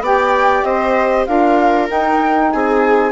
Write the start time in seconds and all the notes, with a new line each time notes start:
0.00 B3 G4 D5 G5
0.63 C4 C5 D#5
1.26 D4 F4 A#4 F5
1.88 D#4 G5
2.51 C4 G#4 G#5